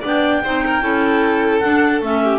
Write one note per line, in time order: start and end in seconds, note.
0.00 0.44 B3
0.00 0.43 D4
0.00 0.40 D5
0.06 1.60 G5
0.44 0.82 C4
0.44 0.81 D#4
0.44 0.64 C5
0.66 0.83 A#4
0.81 1.62 C#4
0.81 1.61 E4
0.81 2.23 A4
1.60 2.01 D4
1.60 2.02 D4
1.60 2.00 F#5
2.01 2.39 A3
2.01 2.39 C#4
2.01 2.39 E5
2.23 2.39 G4